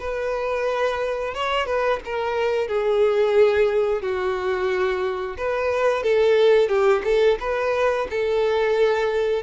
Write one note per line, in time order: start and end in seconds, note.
0.00 1.35 B4
1.35 1.67 C#5
1.67 2.00 B4
2.05 2.68 A#4
2.68 4.02 G#4
4.02 5.37 F#4
5.38 6.03 B4
6.03 6.69 A4
6.69 7.03 G4
7.05 7.39 A4
7.40 8.08 B4
8.11 9.43 A4